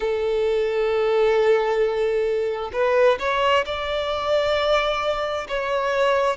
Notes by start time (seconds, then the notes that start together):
0.00 A4
2.73 B4
3.19 C#5
3.65 D5
5.48 C#5